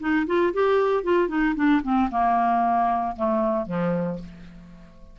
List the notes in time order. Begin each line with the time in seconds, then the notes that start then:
0.00 D#4
0.27 F4
0.53 G4
1.04 F4
1.28 D#4
1.56 D4
1.83 C4
2.11 A#3
3.16 A3
3.66 F3